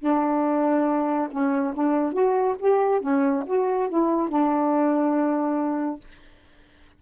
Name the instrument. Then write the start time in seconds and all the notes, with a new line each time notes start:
saxophone
0.00 D4
1.31 C#4
1.74 D4
2.13 F#4
2.59 G4
3.01 C#4
3.47 F#4
3.90 E4
4.29 D4